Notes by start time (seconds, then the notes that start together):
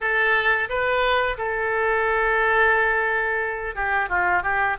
0.00 A4
0.68 B4
1.37 A4
3.75 G4
4.09 F4
4.43 G4